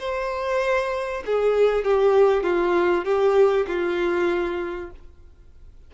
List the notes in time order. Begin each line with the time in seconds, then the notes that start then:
0.00 C5
1.27 G#4
1.85 G4
2.44 F4
3.05 G4
3.67 F4